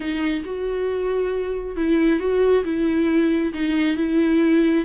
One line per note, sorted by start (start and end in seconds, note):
0.00 0.43 D#4
0.44 1.76 F#4
1.76 2.19 E4
2.19 2.64 F#4
2.64 3.52 E4
3.53 3.96 D#4
3.96 4.85 E4